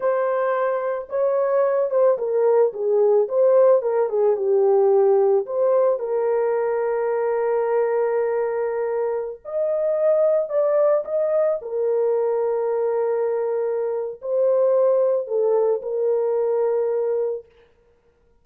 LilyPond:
\new Staff \with { instrumentName = "horn" } { \time 4/4 \tempo 4 = 110 c''2 cis''4. c''8 | ais'4 gis'4 c''4 ais'8 gis'8 | g'2 c''4 ais'4~ | ais'1~ |
ais'4~ ais'16 dis''2 d''8.~ | d''16 dis''4 ais'2~ ais'8.~ | ais'2 c''2 | a'4 ais'2. | }